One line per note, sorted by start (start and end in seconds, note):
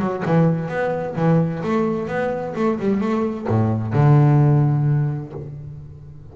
0.00 0.23 F#3
0.26 0.69 E3
0.69 1.15 B3
1.16 1.62 E3
1.63 2.08 A3
2.08 2.54 B3
2.56 2.79 A3
2.79 3.01 G3
3.01 3.48 A3
3.48 3.93 A2
3.93 5.33 D3